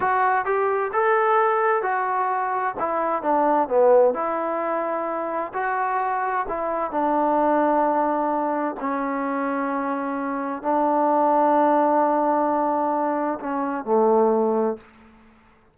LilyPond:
\new Staff \with { instrumentName = "trombone" } { \time 4/4 \tempo 4 = 130 fis'4 g'4 a'2 | fis'2 e'4 d'4 | b4 e'2. | fis'2 e'4 d'4~ |
d'2. cis'4~ | cis'2. d'4~ | d'1~ | d'4 cis'4 a2 | }